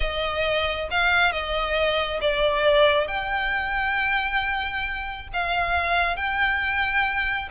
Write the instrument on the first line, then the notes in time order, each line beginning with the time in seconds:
violin
0.00 D#5
0.90 F5
1.31 D#5
2.21 D5
3.07 G5
5.33 F5
6.16 G5